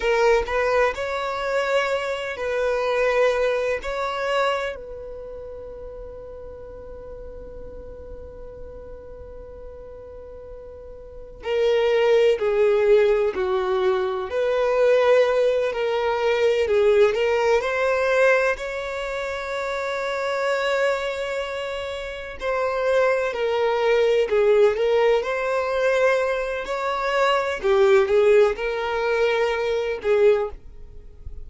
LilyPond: \new Staff \with { instrumentName = "violin" } { \time 4/4 \tempo 4 = 63 ais'8 b'8 cis''4. b'4. | cis''4 b'2.~ | b'1 | ais'4 gis'4 fis'4 b'4~ |
b'8 ais'4 gis'8 ais'8 c''4 cis''8~ | cis''2.~ cis''8 c''8~ | c''8 ais'4 gis'8 ais'8 c''4. | cis''4 g'8 gis'8 ais'4. gis'8 | }